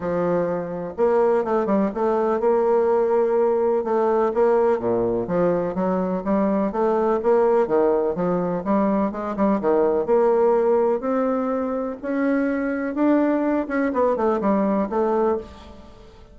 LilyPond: \new Staff \with { instrumentName = "bassoon" } { \time 4/4 \tempo 4 = 125 f2 ais4 a8 g8 | a4 ais2. | a4 ais4 ais,4 f4 | fis4 g4 a4 ais4 |
dis4 f4 g4 gis8 g8 | dis4 ais2 c'4~ | c'4 cis'2 d'4~ | d'8 cis'8 b8 a8 g4 a4 | }